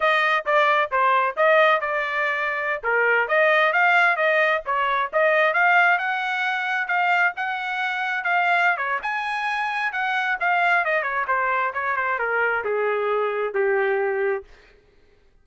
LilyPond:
\new Staff \with { instrumentName = "trumpet" } { \time 4/4 \tempo 4 = 133 dis''4 d''4 c''4 dis''4 | d''2~ d''16 ais'4 dis''8.~ | dis''16 f''4 dis''4 cis''4 dis''8.~ | dis''16 f''4 fis''2 f''8.~ |
f''16 fis''2 f''4~ f''16 cis''8 | gis''2 fis''4 f''4 | dis''8 cis''8 c''4 cis''8 c''8 ais'4 | gis'2 g'2 | }